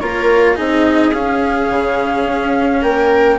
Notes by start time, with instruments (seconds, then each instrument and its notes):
0.00 bassoon A#3, cello F4, viola A#4, flute C#5
0.56 bassoon C4, cello D#4, viola G#4, flute D#5
1.13 bassoon C#4, cello C#4, flute F5
1.71 bassoon C#3
2.26 bassoon C#4
2.82 bassoon A#3, viola A#4, flute G5